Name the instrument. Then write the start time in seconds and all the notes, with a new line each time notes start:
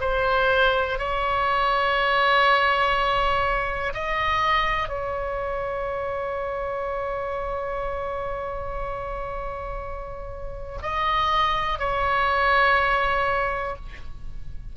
oboe
0.00 C5
0.98 C#5
3.94 D#5
4.89 C#5
10.82 D#5
11.79 C#5